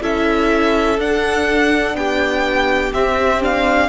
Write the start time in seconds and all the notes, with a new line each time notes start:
0.00 C#4 E4 A4 E5
0.98 D4 F#5
1.94 B3 G4 G5
2.93 C4 E5
3.41 D4 F5